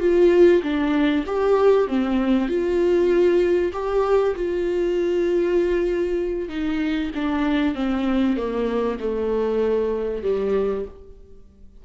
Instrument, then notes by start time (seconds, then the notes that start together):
viola
0.00 F4
0.62 D4
1.26 G4
1.87 C4
2.48 F4
3.73 G4
4.35 F4
6.49 D#4
7.14 D4
7.75 C4
8.37 A#3
9.00 A3
10.23 G3